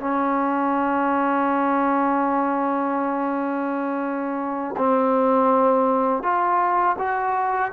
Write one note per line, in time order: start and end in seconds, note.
0.00 4.76 C#4
4.77 6.23 C4
6.23 6.96 F4
6.99 7.72 F#4